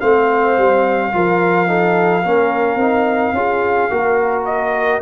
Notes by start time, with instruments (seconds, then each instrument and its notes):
0.00 tuba A3, trombone C4, horn C5, trumpet F5
0.58 tuba G3
1.12 tuba F3, trombone F4, horn A#4
1.68 trombone D#4, horn A4
2.22 tuba A#3, trombone C#4, horn A#4
2.76 tuba C4, trombone D#4
3.33 tuba C#4, trombone F4, horn G#4
3.91 tuba A#3, trombone F#4, horn A#4
4.45 trumpet D#5